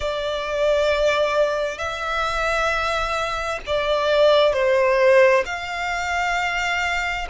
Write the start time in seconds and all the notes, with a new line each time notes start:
0.00 D5
1.77 E5
3.66 D5
4.52 C5
5.45 F5